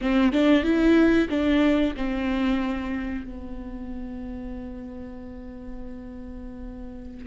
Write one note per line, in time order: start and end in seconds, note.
0.01 0.32 C4
0.32 0.63 D4
0.63 1.27 E4
1.29 1.94 D4
1.96 3.24 C4
3.24 7.26 B3